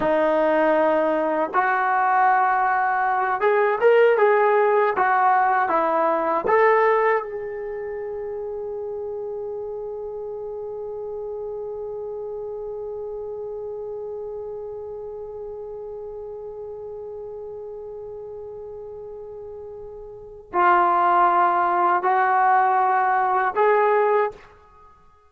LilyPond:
\new Staff \with { instrumentName = "trombone" } { \time 4/4 \tempo 4 = 79 dis'2 fis'2~ | fis'8 gis'8 ais'8 gis'4 fis'4 e'8~ | e'8 a'4 gis'2~ gis'8~ | gis'1~ |
gis'1~ | gis'1~ | gis'2. f'4~ | f'4 fis'2 gis'4 | }